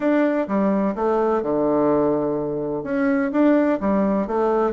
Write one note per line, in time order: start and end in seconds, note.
0.00 0.47 D4
0.47 0.94 G3
0.95 1.42 A3
1.42 2.83 D3
2.83 3.31 C#4
3.32 3.79 D4
3.80 4.27 G3
4.27 4.72 A3